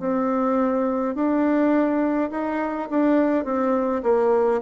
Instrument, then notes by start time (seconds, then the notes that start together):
bassoon
0.00 C4
1.15 D4
2.31 D#4
2.90 D4
3.45 C4
4.03 A#3